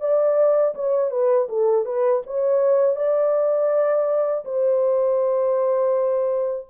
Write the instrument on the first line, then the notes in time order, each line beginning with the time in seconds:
horn
0.00 D5
0.75 C#5
1.10 B4
1.48 A4
1.85 B4
2.26 C#5
2.96 D5
4.45 C5